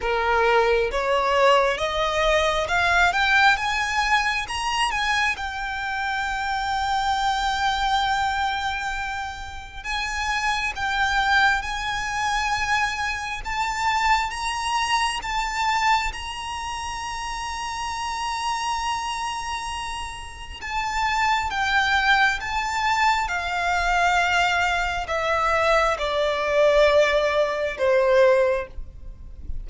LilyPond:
\new Staff \with { instrumentName = "violin" } { \time 4/4 \tempo 4 = 67 ais'4 cis''4 dis''4 f''8 g''8 | gis''4 ais''8 gis''8 g''2~ | g''2. gis''4 | g''4 gis''2 a''4 |
ais''4 a''4 ais''2~ | ais''2. a''4 | g''4 a''4 f''2 | e''4 d''2 c''4 | }